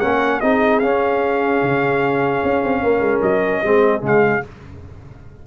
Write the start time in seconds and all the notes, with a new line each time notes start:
0.00 A#3 C#4 A#4 F#5
0.40 C4 D#4 G#4 D#5
0.79 C#4 F5
1.62 C#3
2.43 C#4
2.64 C4
2.82 A#3 A#4
3.00 G#3
3.21 F#3 D#5
3.63 G#3 C4 G#4
4.00 C#3 G#3
4.06 F5